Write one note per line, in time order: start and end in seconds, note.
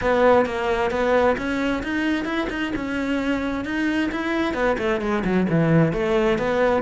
0.01 0.45 B3
0.45 0.90 A#3
0.90 1.36 B3
1.37 1.82 C#4
1.83 2.25 D#4
2.25 2.47 E4
2.49 2.72 D#4
2.75 3.65 C#4
3.65 4.10 D#4
4.11 4.54 E4
4.54 4.76 B3
4.78 5.00 A3
5.00 5.23 G#3
5.24 5.47 F#3
5.49 5.92 E3
5.92 6.38 A3
6.38 6.82 B3